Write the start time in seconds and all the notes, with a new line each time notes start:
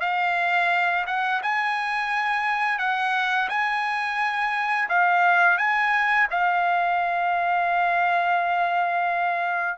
0.00 F5
1.06 F#5
1.42 G#5
2.78 F#5
3.49 G#5
4.89 F5
5.57 G#5
6.30 F5